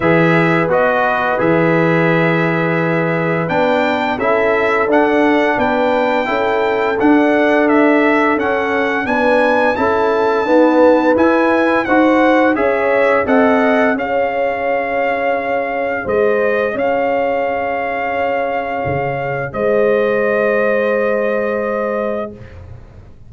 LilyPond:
<<
  \new Staff \with { instrumentName = "trumpet" } { \time 4/4 \tempo 4 = 86 e''4 dis''4 e''2~ | e''4 g''4 e''4 fis''4 | g''2 fis''4 e''4 | fis''4 gis''4 a''2 |
gis''4 fis''4 e''4 fis''4 | f''2. dis''4 | f''1 | dis''1 | }
  \new Staff \with { instrumentName = "horn" } { \time 4/4 b'1~ | b'2 a'2 | b'4 a'2.~ | a'4 b'4 a'4 b'4~ |
b'4 c''4 cis''4 dis''4 | cis''2. c''4 | cis''1 | c''1 | }
  \new Staff \with { instrumentName = "trombone" } { \time 4/4 gis'4 fis'4 gis'2~ | gis'4 d'4 e'4 d'4~ | d'4 e'4 d'2 | cis'4 d'4 e'4 b4 |
e'4 fis'4 gis'4 a'4 | gis'1~ | gis'1~ | gis'1 | }
  \new Staff \with { instrumentName = "tuba" } { \time 4/4 e4 b4 e2~ | e4 b4 cis'4 d'4 | b4 cis'4 d'2 | cis'4 b4 cis'4 dis'4 |
e'4 dis'4 cis'4 c'4 | cis'2. gis4 | cis'2. cis4 | gis1 | }
>>